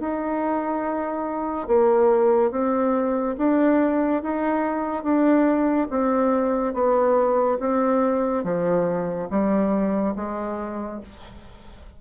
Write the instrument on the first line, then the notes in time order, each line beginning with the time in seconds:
bassoon
0.00 D#4
1.67 A#3
2.51 C4
3.38 D4
4.23 D#4
5.04 D4
5.90 C4
6.74 B3
7.60 C4
8.44 F3
9.30 G3
10.16 G#3